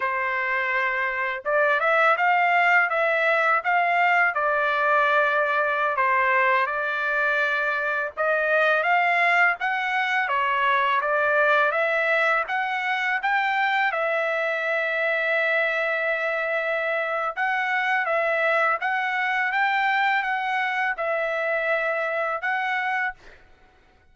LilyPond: \new Staff \with { instrumentName = "trumpet" } { \time 4/4 \tempo 4 = 83 c''2 d''8 e''8 f''4 | e''4 f''4 d''2~ | d''16 c''4 d''2 dis''8.~ | dis''16 f''4 fis''4 cis''4 d''8.~ |
d''16 e''4 fis''4 g''4 e''8.~ | e''1 | fis''4 e''4 fis''4 g''4 | fis''4 e''2 fis''4 | }